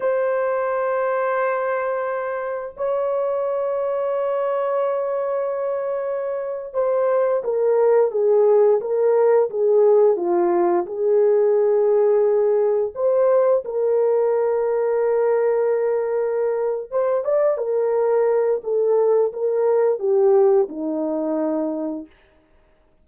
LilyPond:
\new Staff \with { instrumentName = "horn" } { \time 4/4 \tempo 4 = 87 c''1 | cis''1~ | cis''4.~ cis''16 c''4 ais'4 gis'16~ | gis'8. ais'4 gis'4 f'4 gis'16~ |
gis'2~ gis'8. c''4 ais'16~ | ais'1~ | ais'8 c''8 d''8 ais'4. a'4 | ais'4 g'4 dis'2 | }